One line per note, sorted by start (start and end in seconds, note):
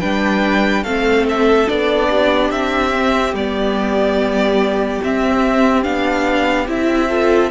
0.00 0.84 G3
0.00 0.85 D4
0.00 0.83 B4
0.00 0.83 G5
0.83 1.67 A3
0.83 1.67 C4
0.83 2.08 A4
0.83 1.25 F5
1.29 1.68 E5
1.67 2.50 B3
1.67 2.92 D4
1.67 2.51 D5
2.09 7.08 G4
2.50 3.33 C4
2.50 3.34 E5
2.93 3.35 C4
3.33 5.00 G3
3.33 5.03 B3
3.33 5.02 D5
5.03 5.83 C4
5.03 5.85 C4
5.03 5.83 E5
5.83 6.67 B3
5.83 6.66 D4
5.83 6.66 F5
6.67 7.51 C4
6.67 7.09 E4
6.67 7.51 E5
7.08 7.51 F4
7.08 7.50 A4